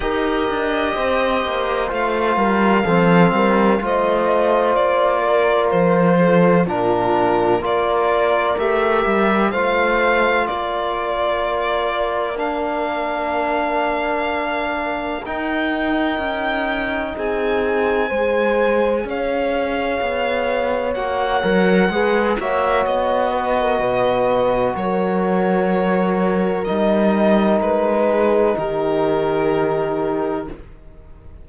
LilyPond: <<
  \new Staff \with { instrumentName = "violin" } { \time 4/4 \tempo 4 = 63 dis''2 f''2 | dis''4 d''4 c''4 ais'4 | d''4 e''4 f''4 d''4~ | d''4 f''2. |
g''2 gis''2 | f''2 fis''4. e''8 | dis''2 cis''2 | dis''4 b'4 ais'2 | }
  \new Staff \with { instrumentName = "horn" } { \time 4/4 ais'4 c''4. ais'8 a'8 ais'8 | c''4. ais'4 a'8 f'4 | ais'2 c''4 ais'4~ | ais'1~ |
ais'2 gis'4 c''4 | cis''2. b'8 cis''8~ | cis''8 b'16 ais'16 b'4 ais'2~ | ais'4. gis'8 g'2 | }
  \new Staff \with { instrumentName = "trombone" } { \time 4/4 g'2 f'4 c'4 | f'2. d'4 | f'4 g'4 f'2~ | f'4 d'2. |
dis'2. gis'4~ | gis'2 fis'8 ais'8 gis'8 fis'8~ | fis'1 | dis'1 | }
  \new Staff \with { instrumentName = "cello" } { \time 4/4 dis'8 d'8 c'8 ais8 a8 g8 f8 g8 | a4 ais4 f4 ais,4 | ais4 a8 g8 a4 ais4~ | ais1 |
dis'4 cis'4 c'4 gis4 | cis'4 b4 ais8 fis8 gis8 ais8 | b4 b,4 fis2 | g4 gis4 dis2 | }
>>